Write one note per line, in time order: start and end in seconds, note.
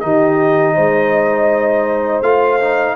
0.00 0.77 D#3
0.00 2.23 D#4
0.00 0.74 G4
0.00 2.22 D#5
0.74 2.21 G#3
0.74 2.96 C5
2.21 2.95 A3
2.21 2.60 F4
2.21 2.96 F5
2.60 2.96 D#4